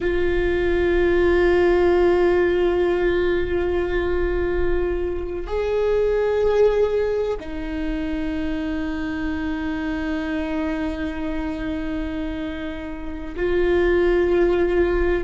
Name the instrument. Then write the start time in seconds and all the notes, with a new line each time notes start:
viola
0.00 F4
5.47 G#4
7.39 D#4
13.36 F4